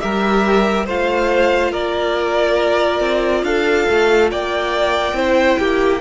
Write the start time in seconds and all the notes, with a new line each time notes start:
0.00 G3 G4 A#4 E5
0.86 A3 F4 C5 F5
1.71 A#3 A#4 D5
3.00 C4
3.43 D4 A4 F5
3.90 A3
4.31 A#3 D5 G5
5.13 C4 E4 C5
5.59 A#3 G4